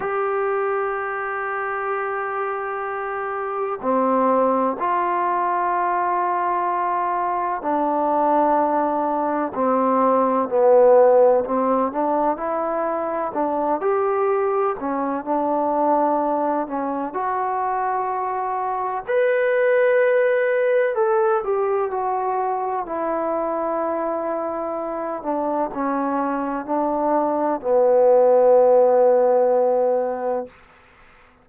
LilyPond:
\new Staff \with { instrumentName = "trombone" } { \time 4/4 \tempo 4 = 63 g'1 | c'4 f'2. | d'2 c'4 b4 | c'8 d'8 e'4 d'8 g'4 cis'8 |
d'4. cis'8 fis'2 | b'2 a'8 g'8 fis'4 | e'2~ e'8 d'8 cis'4 | d'4 b2. | }